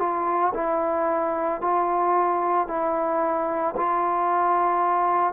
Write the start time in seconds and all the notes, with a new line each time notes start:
0.00 F4
0.55 E4
1.62 F4
2.68 E4
3.77 F4